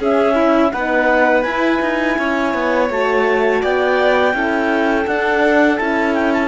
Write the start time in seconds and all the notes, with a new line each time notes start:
0.00 C#4 G#4 E5
0.36 E4
0.72 B3 D#4 B4 F#5
1.43 E4 G#5
1.82 D#4
2.19 C#4 C#5
2.54 B3
2.91 A3 F#4 A5
3.62 B3 D5 G5
4.33 C#4 E4 A4
5.07 D4 F#5
5.77 C#4 E4 A5
6.14 G5
6.33 A5